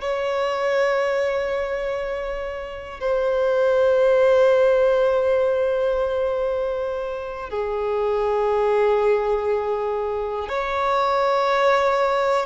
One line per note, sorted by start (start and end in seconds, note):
0.00 3.00 C#5
3.00 7.49 C5
7.49 10.48 G#4
10.48 12.46 C#5